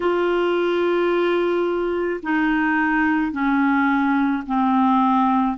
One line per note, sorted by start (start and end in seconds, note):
0.00 2.20 F4
2.22 3.32 D#4
3.32 4.43 C#4
4.46 5.57 C4